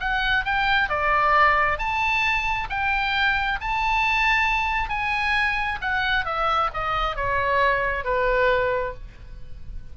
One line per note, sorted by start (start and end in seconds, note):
0.00 0.45 F#5
0.45 0.89 G5
0.89 1.78 D5
1.78 2.68 A5
2.69 3.59 G5
3.61 4.89 A5
4.89 5.79 G#5
5.81 6.25 F#5
6.25 6.70 E5
6.73 7.16 D#5
7.16 8.04 C#5
8.04 8.94 B4